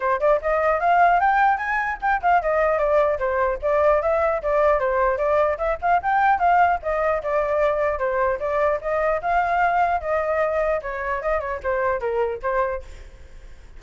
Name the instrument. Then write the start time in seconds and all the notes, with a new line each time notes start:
flute
0.00 C5
0.20 D5
0.41 D#5
0.80 F5
1.19 G5
1.57 G#5
2.01 G5
2.22 F5
2.42 D#5
2.78 D5
3.18 C5
3.61 D5
4.01 E5
4.42 D5
4.79 C5
5.17 D5
5.58 E5
5.81 F5
6.02 G5
6.39 F5
6.82 D#5
7.22 D5
7.98 C5
8.39 D5
8.81 D#5
9.21 F5
10.00 D#5
10.81 C#5
11.21 D#5
11.40 C#5
11.63 C5
11.99 A#4
12.42 C5